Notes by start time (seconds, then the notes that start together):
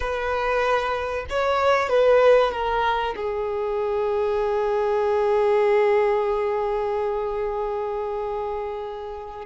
0.00 B4
1.29 C#5
1.89 B4
2.51 A#4
3.16 G#4